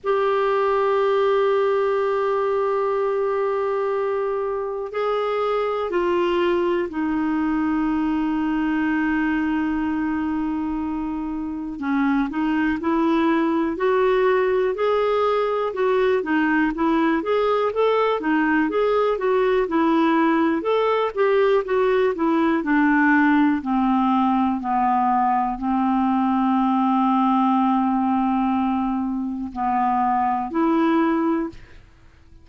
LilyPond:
\new Staff \with { instrumentName = "clarinet" } { \time 4/4 \tempo 4 = 61 g'1~ | g'4 gis'4 f'4 dis'4~ | dis'1 | cis'8 dis'8 e'4 fis'4 gis'4 |
fis'8 dis'8 e'8 gis'8 a'8 dis'8 gis'8 fis'8 | e'4 a'8 g'8 fis'8 e'8 d'4 | c'4 b4 c'2~ | c'2 b4 e'4 | }